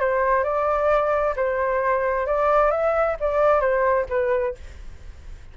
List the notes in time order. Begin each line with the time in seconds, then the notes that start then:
0.00 C5
0.44 D5
1.36 C5
2.26 D5
2.71 E5
3.20 D5
3.60 C5
4.09 B4